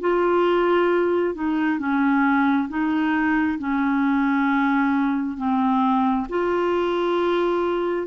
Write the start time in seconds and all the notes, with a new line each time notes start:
0.00 F4
1.34 D#4
1.78 C#4
2.69 D#4
3.59 C#4
5.37 C4
6.29 F4